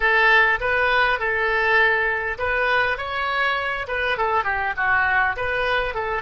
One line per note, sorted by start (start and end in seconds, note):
0.00 0.59 A4
0.60 1.19 B4
1.19 2.38 A4
2.38 2.97 B4
2.97 3.86 C#5
3.87 4.17 B4
4.17 4.44 A4
4.44 4.73 G4
4.76 5.36 F#4
5.36 5.94 B4
5.94 6.22 A4